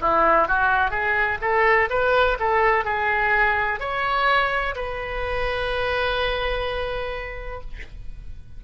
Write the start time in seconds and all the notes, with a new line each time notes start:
0.00 E4
0.47 F#4
0.90 G#4
1.41 A4
1.90 B4
2.39 A4
2.84 G#4
3.79 C#5
4.75 B4